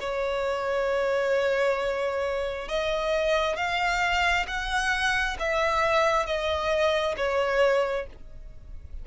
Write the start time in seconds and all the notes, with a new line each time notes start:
0.00 C#5
2.69 D#5
3.56 F5
4.47 F#5
5.39 E5
6.26 D#5
7.17 C#5